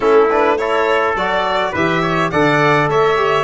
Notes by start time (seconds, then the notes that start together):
0.00 A3 C#4 E4 A4
0.30 D4 B4
0.57 E4 A4 C#5
1.14 F#3 F#4 D5
1.71 E3 G4 B4 E5
2.01 C#5
2.30 D3 A4 D5 F#5
2.88 A3 C#5 E5
3.15 G4